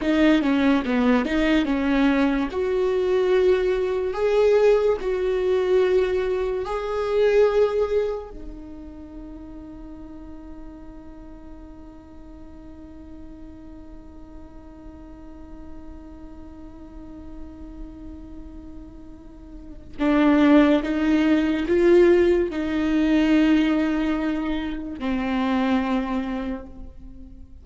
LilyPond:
\new Staff \with { instrumentName = "viola" } { \time 4/4 \tempo 4 = 72 dis'8 cis'8 b8 dis'8 cis'4 fis'4~ | fis'4 gis'4 fis'2 | gis'2 dis'2~ | dis'1~ |
dis'1~ | dis'1 | d'4 dis'4 f'4 dis'4~ | dis'2 c'2 | }